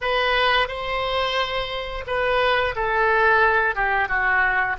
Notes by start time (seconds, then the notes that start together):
0.01 B4
0.68 C5
2.06 B4
2.75 A4
3.75 G4
4.08 F#4